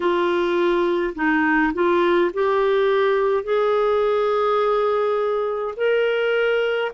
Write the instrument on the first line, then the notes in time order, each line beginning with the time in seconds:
clarinet
0.00 F4
1.15 D#4
1.73 F4
2.33 G4
3.43 G#4
5.76 A#4